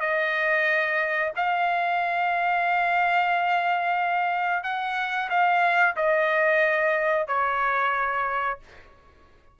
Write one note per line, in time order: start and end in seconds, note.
0.00 1.32 D#5
1.36 4.63 F5
4.63 5.29 F#5
5.30 5.96 F5
5.96 7.27 D#5
7.27 8.59 C#5